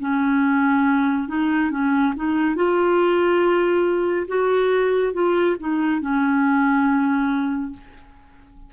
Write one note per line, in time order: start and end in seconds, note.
0.00 1.28 C#4
1.28 1.71 D#4
1.71 2.14 C#4
2.16 2.56 D#4
2.56 4.27 F4
4.28 5.14 F#4
5.14 5.56 F4
5.60 6.01 D#4
6.01 7.73 C#4